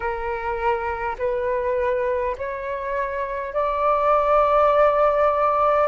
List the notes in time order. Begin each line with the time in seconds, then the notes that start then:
0.00 A#4
1.18 B4
2.37 C#5
3.53 D5